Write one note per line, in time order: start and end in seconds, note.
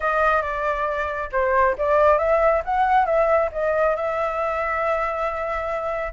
0.00 0.42 D#5
0.42 1.29 D5
1.32 1.75 C5
1.78 2.18 D5
2.18 2.62 E5
2.64 3.05 F#5
3.05 3.49 E5
3.52 3.96 D#5
3.96 6.13 E5